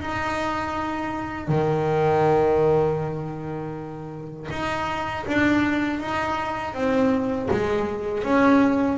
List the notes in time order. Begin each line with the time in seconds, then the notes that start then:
0.00 D#4
1.48 D#3
4.50 D#4
5.26 D4
6.00 D#4
6.74 C4
7.50 G#3
8.23 C#4